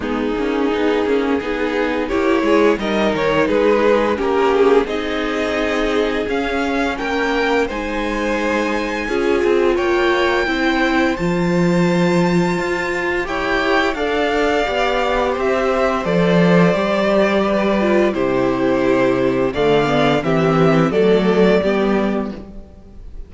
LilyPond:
<<
  \new Staff \with { instrumentName = "violin" } { \time 4/4 \tempo 4 = 86 gis'2. cis''4 | dis''8 cis''8 b'4 ais'8 gis'8 dis''4~ | dis''4 f''4 g''4 gis''4~ | gis''2 g''2 |
a''2. g''4 | f''2 e''4 d''4~ | d''2 c''2 | f''4 e''4 d''2 | }
  \new Staff \with { instrumentName = "violin" } { \time 4/4 dis'2 gis'4 g'8 gis'8 | ais'4 gis'4 g'4 gis'4~ | gis'2 ais'4 c''4~ | c''4 gis'4 cis''4 c''4~ |
c''2. cis''4 | d''2 c''2~ | c''4 b'4 g'2 | d''4 g'4 a'4 g'4 | }
  \new Staff \with { instrumentName = "viola" } { \time 4/4 b8 cis'8 dis'8 cis'8 dis'4 e'4 | dis'2 cis'4 dis'4~ | dis'4 cis'2 dis'4~ | dis'4 f'2 e'4 |
f'2. g'4 | a'4 g'2 a'4 | g'4. f'8 e'2 | a8 b8 c'4 a4 b4 | }
  \new Staff \with { instrumentName = "cello" } { \time 4/4 gis8 ais8 b8 ais8 b4 ais8 gis8 | g8 dis8 gis4 ais4 c'4~ | c'4 cis'4 ais4 gis4~ | gis4 cis'8 c'8 ais4 c'4 |
f2 f'4 e'4 | d'4 b4 c'4 f4 | g2 c2 | d4 e4 fis4 g4 | }
>>